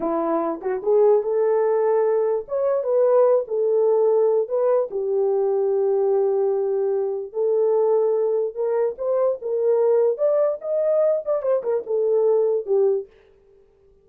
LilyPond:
\new Staff \with { instrumentName = "horn" } { \time 4/4 \tempo 4 = 147 e'4. fis'8 gis'4 a'4~ | a'2 cis''4 b'4~ | b'8 a'2~ a'8 b'4 | g'1~ |
g'2 a'2~ | a'4 ais'4 c''4 ais'4~ | ais'4 d''4 dis''4. d''8 | c''8 ais'8 a'2 g'4 | }